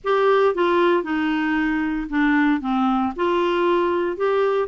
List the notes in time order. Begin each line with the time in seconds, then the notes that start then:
0.04 G4
0.54 F4
1.03 D#4
2.09 D4
2.61 C4
3.15 F4
4.16 G4